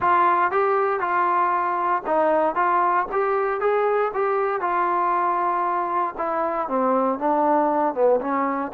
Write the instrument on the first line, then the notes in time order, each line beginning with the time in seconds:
trombone
0.00 F4
0.51 G4
1.00 F4
2.06 D#4
2.55 F4
3.11 G4
3.60 G#4
4.14 G4
4.61 F4
6.17 E4
6.68 C4
7.18 D4
7.94 B3
8.21 C#4